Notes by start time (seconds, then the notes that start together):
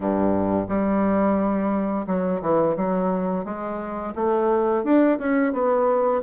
0.00 G2
0.68 G3
2.06 F#3
2.41 E3
2.76 F#3
3.45 G#3
4.15 A3
4.83 D4
5.18 C#4
5.53 B3